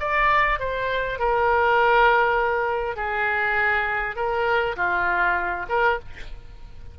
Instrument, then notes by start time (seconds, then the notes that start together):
oboe
0.00 D5
0.60 C5
1.19 A#4
2.96 G#4
4.16 A#4
4.77 F4
5.69 A#4